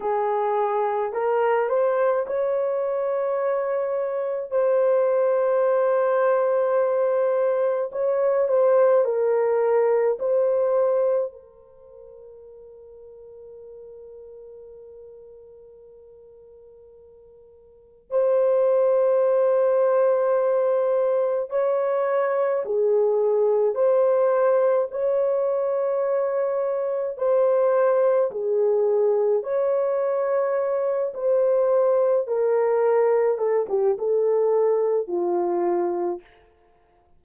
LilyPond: \new Staff \with { instrumentName = "horn" } { \time 4/4 \tempo 4 = 53 gis'4 ais'8 c''8 cis''2 | c''2. cis''8 c''8 | ais'4 c''4 ais'2~ | ais'1 |
c''2. cis''4 | gis'4 c''4 cis''2 | c''4 gis'4 cis''4. c''8~ | c''8 ais'4 a'16 g'16 a'4 f'4 | }